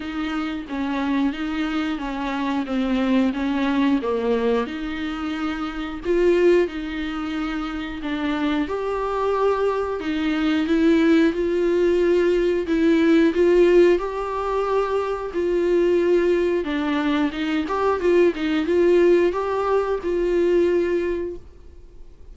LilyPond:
\new Staff \with { instrumentName = "viola" } { \time 4/4 \tempo 4 = 90 dis'4 cis'4 dis'4 cis'4 | c'4 cis'4 ais4 dis'4~ | dis'4 f'4 dis'2 | d'4 g'2 dis'4 |
e'4 f'2 e'4 | f'4 g'2 f'4~ | f'4 d'4 dis'8 g'8 f'8 dis'8 | f'4 g'4 f'2 | }